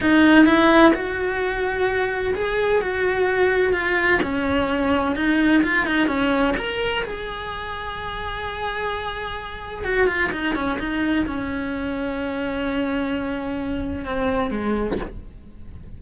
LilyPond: \new Staff \with { instrumentName = "cello" } { \time 4/4 \tempo 4 = 128 dis'4 e'4 fis'2~ | fis'4 gis'4 fis'2 | f'4 cis'2 dis'4 | f'8 dis'8 cis'4 ais'4 gis'4~ |
gis'1~ | gis'4 fis'8 f'8 dis'8 cis'8 dis'4 | cis'1~ | cis'2 c'4 gis4 | }